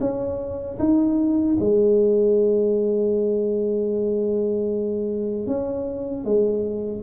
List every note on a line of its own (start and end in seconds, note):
0.00 0.78 C#4
0.79 1.57 D#4
1.60 5.47 G#3
5.47 6.24 C#4
6.24 7.02 G#3